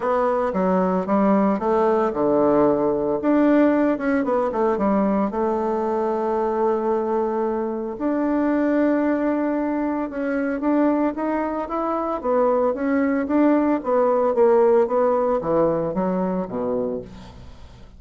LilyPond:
\new Staff \with { instrumentName = "bassoon" } { \time 4/4 \tempo 4 = 113 b4 fis4 g4 a4 | d2 d'4. cis'8 | b8 a8 g4 a2~ | a2. d'4~ |
d'2. cis'4 | d'4 dis'4 e'4 b4 | cis'4 d'4 b4 ais4 | b4 e4 fis4 b,4 | }